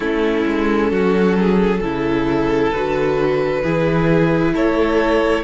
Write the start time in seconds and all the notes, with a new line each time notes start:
0.00 A3 C#4 E4 A4
0.46 G#3
0.91 F#3 F#4
1.38 G#4
1.80 C#3 E4 A4
2.72 D3 F#4 B4
3.63 E3 E4 G#4
4.54 A3 A4 C#5